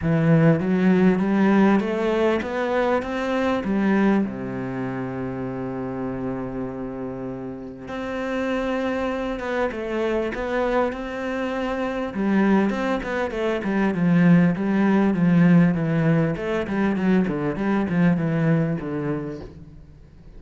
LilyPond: \new Staff \with { instrumentName = "cello" } { \time 4/4 \tempo 4 = 99 e4 fis4 g4 a4 | b4 c'4 g4 c4~ | c1~ | c4 c'2~ c'8 b8 |
a4 b4 c'2 | g4 c'8 b8 a8 g8 f4 | g4 f4 e4 a8 g8 | fis8 d8 g8 f8 e4 d4 | }